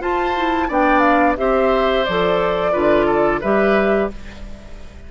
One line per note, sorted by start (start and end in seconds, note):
0.00 0.68 F4
0.00 0.35 F4
0.00 0.68 C5
0.00 0.70 A5
0.36 0.69 E4
0.68 1.37 B3
0.68 1.37 D4
0.68 1.36 D5
0.68 0.99 G5
0.99 1.33 F5
1.37 2.06 C4
1.37 2.05 G4
1.37 2.72 C5
1.37 2.04 E5
2.04 2.75 F3
2.04 2.72 A4
2.04 3.41 D5
2.72 3.43 D3
2.72 3.41 F4
2.72 3.06 B4
3.06 3.40 A4
3.41 4.11 G3
3.41 4.11 G4
3.41 4.09 B4
3.41 4.09 E5